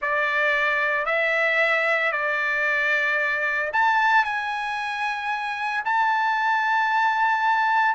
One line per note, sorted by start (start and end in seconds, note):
0.01 1.05 D5
1.05 2.11 E5
2.12 3.71 D5
3.72 4.24 A5
4.24 5.83 G#5
5.85 7.94 A5